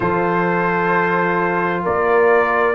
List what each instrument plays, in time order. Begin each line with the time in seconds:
0.00 tuba F3, trombone F4, horn A4, trumpet C5
1.83 tuba A#3, horn A#4, trumpet D5